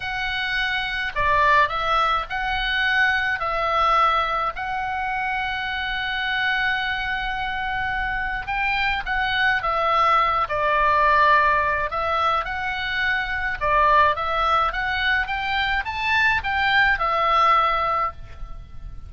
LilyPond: \new Staff \with { instrumentName = "oboe" } { \time 4/4 \tempo 4 = 106 fis''2 d''4 e''4 | fis''2 e''2 | fis''1~ | fis''2. g''4 |
fis''4 e''4. d''4.~ | d''4 e''4 fis''2 | d''4 e''4 fis''4 g''4 | a''4 g''4 e''2 | }